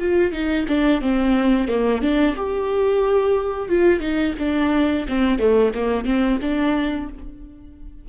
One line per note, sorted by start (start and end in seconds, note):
0.00 0.32 F4
0.32 0.66 D#4
0.68 1.02 D4
1.02 1.69 C4
1.69 2.02 A#3
2.02 2.36 D4
2.37 3.69 G4
3.69 4.00 F4
4.00 4.34 D#4
4.39 5.07 D4
5.09 5.39 C4
5.39 5.73 A3
5.75 6.05 A#3
6.05 6.39 C4
6.42 7.09 D4